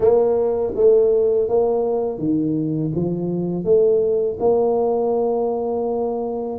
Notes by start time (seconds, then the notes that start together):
0.00 A#3
0.75 A3
1.48 A#3
2.18 D#3
2.95 F3
3.64 A3
4.39 A#3